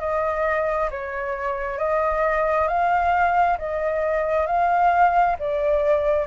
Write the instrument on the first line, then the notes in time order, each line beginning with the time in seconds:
flute
0.00 D#5
0.90 C#5
1.78 D#5
2.68 F5
3.59 D#5
4.47 F5
5.39 D5